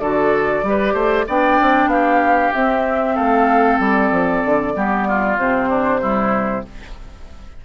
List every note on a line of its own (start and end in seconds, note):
0.00 0.63 D3
0.00 0.64 F#4
0.00 0.65 A4
0.00 1.26 D5
0.63 0.94 G3
0.63 1.27 G4
0.70 0.94 B4
0.94 1.26 A3
0.94 1.26 C5
1.27 1.60 B3
1.27 2.54 D4
1.27 1.91 D5
1.27 1.90 G5
1.62 1.87 C4
1.87 2.50 B3
1.87 3.15 G4
1.87 2.53 F5
2.54 4.75 C4
2.54 3.18 C4
2.54 3.17 E5
3.15 3.80 A3
3.15 4.73 A4
3.15 3.80 F5
3.80 4.12 G3
3.80 5.39 D5
4.12 4.43 F3
4.46 4.76 D3
4.75 5.38 G3
4.75 5.38 B3
4.75 5.08 G4
5.08 5.69 F4
5.38 6.65 C3
5.38 6.01 C4
5.38 6.65 C5
5.69 6.01 D4
6.01 6.64 G3
6.01 6.65 E4